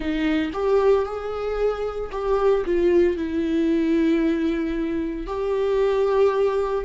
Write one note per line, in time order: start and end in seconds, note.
0.00 0.50 D#4
0.53 1.05 G4
1.05 2.10 G#4
2.11 2.64 G4
2.65 3.16 F4
3.16 5.26 E4
5.26 6.84 G4